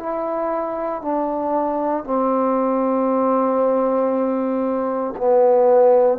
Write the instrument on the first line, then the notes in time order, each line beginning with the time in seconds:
trombone
0.00 E4
1.02 D4
2.05 C4
5.17 B3